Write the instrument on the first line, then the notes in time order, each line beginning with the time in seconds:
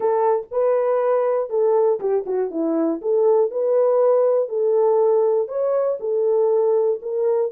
horn
0.00 A4
0.51 B4
1.49 A4
2.00 G4
2.25 F#4
2.50 E4
3.01 A4
3.50 B4
4.48 A4
5.47 C#5
6.00 A4
7.01 A#4